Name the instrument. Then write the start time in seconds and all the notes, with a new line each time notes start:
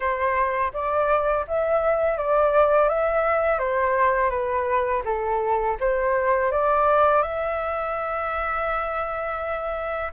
flute
0.00 C5
0.73 D5
1.47 E5
2.17 D5
2.88 E5
3.58 C5
4.29 B4
5.04 A4
5.80 C5
6.51 D5
7.22 E5